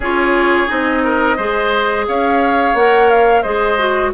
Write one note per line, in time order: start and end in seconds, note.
0.00 0.66 C#4
0.00 0.67 F4
0.00 1.03 G#4
0.00 0.69 C#5
0.67 1.38 C4
0.67 1.36 D#4
0.67 2.07 D#5
1.04 1.36 A#4
1.36 2.07 G#3
1.36 2.77 G#4
1.36 2.05 C5
2.07 2.73 C#4
2.07 3.42 C#5
2.07 2.75 F5
2.73 3.42 A#3
2.73 3.44 A#4
2.73 3.09 F#5
3.09 3.42 F5
3.42 4.13 G#3
3.42 3.78 G#4
3.42 4.10 C5
3.42 4.11 D#5
3.78 4.13 F#4